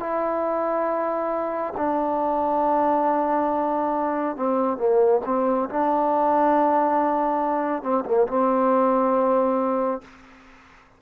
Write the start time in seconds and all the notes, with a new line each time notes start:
0.00 E4
1.77 D4
4.37 C4
4.78 A#3
5.26 C4
5.70 D4
7.83 C4
8.06 A#3
8.28 C4